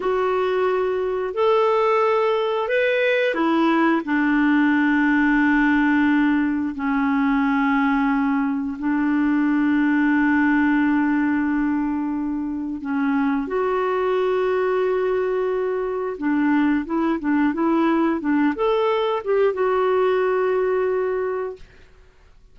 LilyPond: \new Staff \with { instrumentName = "clarinet" } { \time 4/4 \tempo 4 = 89 fis'2 a'2 | b'4 e'4 d'2~ | d'2 cis'2~ | cis'4 d'2.~ |
d'2. cis'4 | fis'1 | d'4 e'8 d'8 e'4 d'8 a'8~ | a'8 g'8 fis'2. | }